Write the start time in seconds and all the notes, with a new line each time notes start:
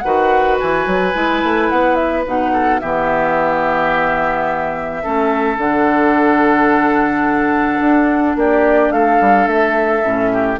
0.00 D#3 F#4 B4 F#5
0.60 E3 G#5
0.86 F#3
1.14 G#3 E4
1.43 A3
1.70 B3 F#5
1.95 E5
2.26 B2 D#4 F#5
2.53 A4
2.79 E3 B3 G4 E5
5.03 A3 C#4 A4
5.58 D3 D4 F#5
7.80 D4
8.35 A#3 G4 D5
8.91 A3 A4 F5
9.21 G3
9.47 A3 E5
10.03 A2 C#4
10.33 G4